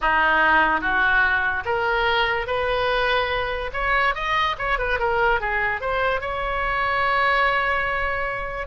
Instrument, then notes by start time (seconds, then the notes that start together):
oboe
0.01 D#4
0.80 F#4
1.65 A#4
2.46 B4
3.73 C#5
4.14 D#5
4.58 C#5
4.78 B4
4.99 A#4
5.40 G#4
5.80 C5
6.21 C#5